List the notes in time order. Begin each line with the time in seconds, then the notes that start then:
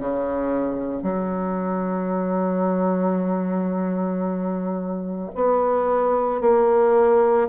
0.00 C#3
1.03 F#3
5.35 B3
6.42 A#3